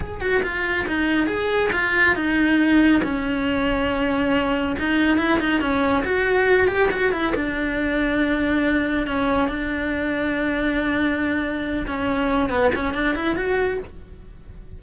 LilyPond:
\new Staff \with { instrumentName = "cello" } { \time 4/4 \tempo 4 = 139 gis'8 fis'8 f'4 dis'4 gis'4 | f'4 dis'2 cis'4~ | cis'2. dis'4 | e'8 dis'8 cis'4 fis'4. g'8 |
fis'8 e'8 d'2.~ | d'4 cis'4 d'2~ | d'2.~ d'8 cis'8~ | cis'4 b8 cis'8 d'8 e'8 fis'4 | }